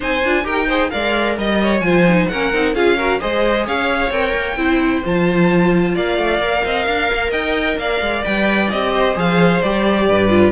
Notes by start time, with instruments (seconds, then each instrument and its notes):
0.00 cello C4, viola D#4, violin C5 G#5
0.23 cello D4, viola F4
0.43 cello D#4, viola G4, violin A#4 G5
0.67 viola G#4, violin C5
0.90 cello G#3, viola A#4, violin D5 F5
1.37 cello G3, violin D#5
1.63 violin C#5
1.80 cello F3, viola F4, violin C5 G#5
2.08 viola D#4
2.28 cello A#3, viola C#4, violin A#4 F#5
2.53 cello C4, viola D#4
2.74 cello C#4, viola F4, violin G#4 F5
2.96 viola F#4, violin A#4
3.19 cello G#3, viola G#4, violin C5 D#5
3.66 cello C#4, violin C#5 F5
4.10 cello C4, viola A#4, violin G5
4.34 cello A#3
4.56 cello C4, viola E4, violin C5
5.04 cello F3, viola F4, violin A5
5.94 cello A#3, violin D5 F5
6.18 cello A3
6.39 cello A#3, viola A#4
6.64 cello C4, violin D#5
6.85 cello D4, violin F5
7.12 cello A#3
7.30 cello D#4, violin D#5 G5
7.77 cello A#3, violin D5 F5
8.00 cello G#3
8.24 cello G3, viola B4, violin G5
8.70 cello C4, viola G4, violin D#5
8.92 violin C5
9.15 cello F3, viola G#4, violin F5
9.61 cello G3, viola G4, violin D5
10.08 cello G2, violin B4
10.29 viola F4